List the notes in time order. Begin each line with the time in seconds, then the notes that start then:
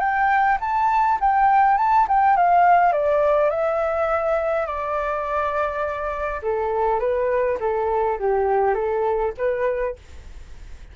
0.00 G5
0.61 A5
1.21 G5
1.78 A5
2.08 G5
2.36 F5
2.93 D5
3.50 E5
4.67 D5
6.43 A4
7.00 B4
7.60 A4
8.19 G4
8.75 A4
9.38 B4